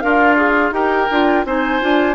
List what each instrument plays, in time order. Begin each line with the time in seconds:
0.00 bassoon D4, oboe F4, clarinet A#4, flute F5
0.37 clarinet G#4
0.72 bassoon D#4, clarinet G4, oboe A#4, flute G5
1.11 bassoon D4, clarinet F4
1.45 bassoon C4, clarinet D#4, oboe C5, flute G#5
1.81 bassoon D4, clarinet F4